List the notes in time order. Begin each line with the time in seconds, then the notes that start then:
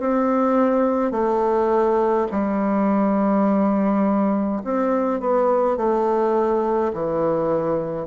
0.00 C4
1.12 A3
2.32 G3
4.65 C4
5.20 B3
5.77 A3
6.93 E3